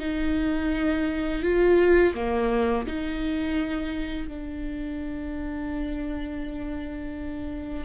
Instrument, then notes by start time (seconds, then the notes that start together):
viola
0.00 D#4
1.43 F4
2.15 A#3
2.87 D#4
4.28 D4